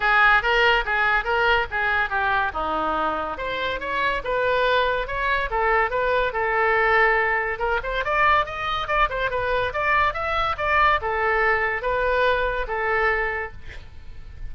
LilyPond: \new Staff \with { instrumentName = "oboe" } { \time 4/4 \tempo 4 = 142 gis'4 ais'4 gis'4 ais'4 | gis'4 g'4 dis'2 | c''4 cis''4 b'2 | cis''4 a'4 b'4 a'4~ |
a'2 ais'8 c''8 d''4 | dis''4 d''8 c''8 b'4 d''4 | e''4 d''4 a'2 | b'2 a'2 | }